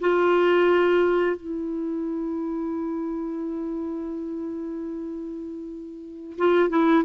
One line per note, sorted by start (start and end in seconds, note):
0.00 1.36 F4
1.36 6.36 E4
6.38 6.69 F4
6.69 7.03 E4